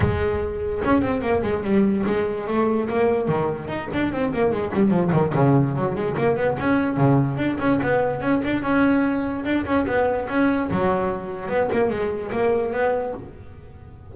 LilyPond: \new Staff \with { instrumentName = "double bass" } { \time 4/4 \tempo 4 = 146 gis2 cis'8 c'8 ais8 gis8 | g4 gis4 a4 ais4 | dis4 dis'8 d'8 c'8 ais8 gis8 g8 | f8 dis8 cis4 fis8 gis8 ais8 b8 |
cis'4 cis4 d'8 cis'8 b4 | cis'8 d'8 cis'2 d'8 cis'8 | b4 cis'4 fis2 | b8 ais8 gis4 ais4 b4 | }